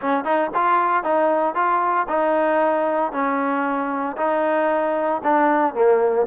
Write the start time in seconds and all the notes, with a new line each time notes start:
0.01 C#4
0.24 D#4
0.54 F4
1.03 D#4
1.54 F4
2.08 D#4
3.12 C#4
4.17 D#4
5.23 D4
5.74 A#3